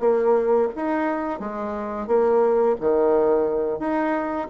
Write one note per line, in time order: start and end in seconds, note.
0.00 0.68 A#3
0.76 1.39 D#4
1.39 2.07 G#3
2.07 2.75 A#3
2.80 3.79 D#3
3.79 4.48 D#4